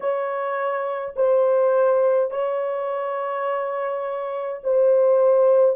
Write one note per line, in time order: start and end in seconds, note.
0.00 1.14 C#5
1.15 2.30 C5
2.30 4.61 C#5
4.63 5.75 C5